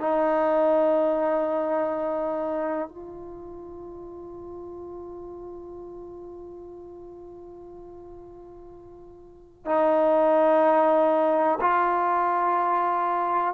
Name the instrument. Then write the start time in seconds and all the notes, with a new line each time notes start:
trombone
0.00 D#4
2.89 F4
9.66 D#4
11.61 F4